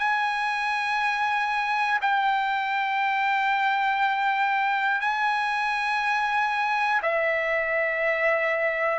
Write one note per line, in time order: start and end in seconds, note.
0.00 2.00 G#5
2.02 5.01 G5
5.01 7.01 G#5
7.03 9.00 E5